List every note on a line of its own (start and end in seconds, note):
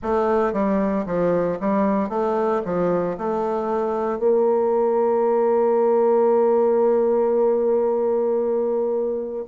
0.02 0.53 A3
0.53 1.05 G3
1.06 1.58 F3
1.59 2.09 G3
2.09 2.61 A3
2.64 3.17 F3
3.17 4.18 A3
4.18 9.44 A#3